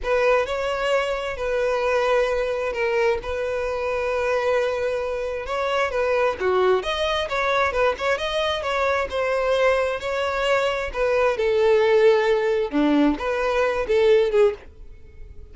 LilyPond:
\new Staff \with { instrumentName = "violin" } { \time 4/4 \tempo 4 = 132 b'4 cis''2 b'4~ | b'2 ais'4 b'4~ | b'1 | cis''4 b'4 fis'4 dis''4 |
cis''4 b'8 cis''8 dis''4 cis''4 | c''2 cis''2 | b'4 a'2. | d'4 b'4. a'4 gis'8 | }